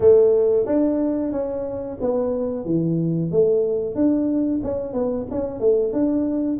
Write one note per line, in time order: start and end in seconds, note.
0.00 0.66 A3
0.66 1.32 D4
1.32 1.98 C#4
2.00 2.65 B3
2.65 3.31 E3
3.31 3.95 A3
3.95 4.61 D4
4.63 4.93 C#4
4.93 5.26 B3
5.30 5.60 C#4
5.60 5.93 A3
5.93 6.58 D4